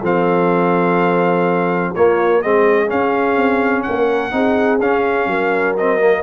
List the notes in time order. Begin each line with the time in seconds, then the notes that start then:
0.00 F3 C4 A4 F5
1.93 A#3 F4 C#5
2.41 G#3 C4 G#4 D#5
2.87 C#4 F5
3.36 C4
3.82 A#3 A#4 F#5
4.31 C4 D#4 G#4
4.79 C#4 F5
5.26 F#3 A#4
5.77 C4 D#5
5.99 A#3